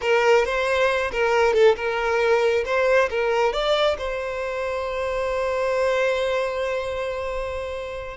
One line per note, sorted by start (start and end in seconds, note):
0.01 0.45 A#4
0.45 1.11 C5
1.11 1.53 A#4
1.53 1.75 A4
1.76 2.64 A#4
2.65 3.09 C5
3.10 3.53 A#4
3.53 3.97 D5
3.97 8.17 C5